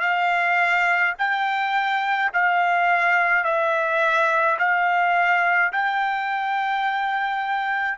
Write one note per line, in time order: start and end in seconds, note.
0.00 1.13 F5
1.18 2.31 G5
2.33 3.44 F5
3.44 4.57 E5
4.58 5.72 F5
5.72 7.98 G5